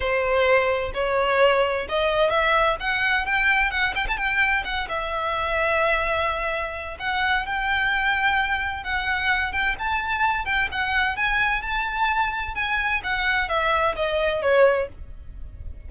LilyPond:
\new Staff \with { instrumentName = "violin" } { \time 4/4 \tempo 4 = 129 c''2 cis''2 | dis''4 e''4 fis''4 g''4 | fis''8 g''16 a''16 g''4 fis''8 e''4.~ | e''2. fis''4 |
g''2. fis''4~ | fis''8 g''8 a''4. g''8 fis''4 | gis''4 a''2 gis''4 | fis''4 e''4 dis''4 cis''4 | }